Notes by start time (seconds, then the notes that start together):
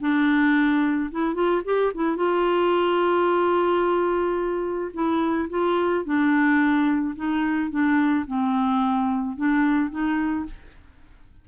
0.00 D4
1.11 E4
1.34 F4
1.65 G4
1.94 E4
2.16 F4
4.93 E4
5.49 F4
6.05 D4
7.15 D#4
7.70 D4
8.27 C4
9.36 D4
9.90 D#4